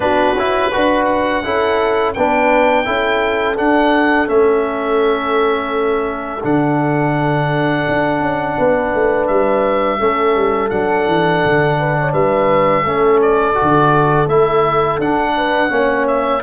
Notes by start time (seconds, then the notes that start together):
0.00 B3 D4 F#4 B4
0.34 C#4 E4
0.71 D4 F#4 B4
1.04 F#5
1.43 C#4 E4 A4
2.13 B3 D4 B4 G5
2.84 C#4 E4 A4
3.57 D4 F#5
4.27 A3 C#4 E5
6.43 D3 D4 F#5
7.88 D4
8.20 C#4
8.57 B3 B4
8.94 A3
9.27 G3 E5
9.99 A3 C#4 A4
10.35 G3
10.69 F#3 D4 F#5
11.07 E3
11.45 D3
11.79 B4
12.00 C#5
12.13 G3 B4 E5
12.83 A3 C#4 A4
13.21 D5
13.54 F#4
13.62 D3
14.27 A3 E4 E5
14.98 D4 F#5
15.36 B4
15.69 A#3 C#4
15.75 C#5
16.07 E5